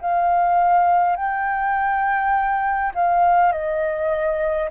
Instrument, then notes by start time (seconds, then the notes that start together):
flute
0.00 F5
1.16 G5
2.94 F5
3.52 D#5